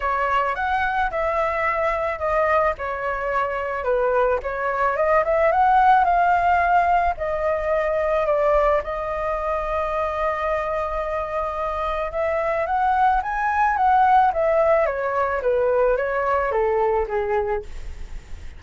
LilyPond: \new Staff \with { instrumentName = "flute" } { \time 4/4 \tempo 4 = 109 cis''4 fis''4 e''2 | dis''4 cis''2 b'4 | cis''4 dis''8 e''8 fis''4 f''4~ | f''4 dis''2 d''4 |
dis''1~ | dis''2 e''4 fis''4 | gis''4 fis''4 e''4 cis''4 | b'4 cis''4 a'4 gis'4 | }